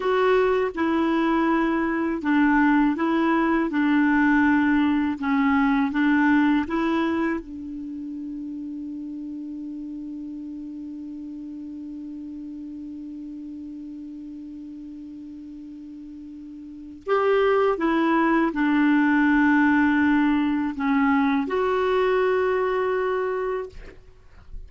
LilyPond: \new Staff \with { instrumentName = "clarinet" } { \time 4/4 \tempo 4 = 81 fis'4 e'2 d'4 | e'4 d'2 cis'4 | d'4 e'4 d'2~ | d'1~ |
d'1~ | d'2. g'4 | e'4 d'2. | cis'4 fis'2. | }